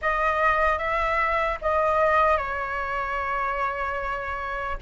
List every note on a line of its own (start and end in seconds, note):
0.01 0.78 D#5
0.78 1.58 E5
1.61 2.37 D#5
2.37 4.77 C#5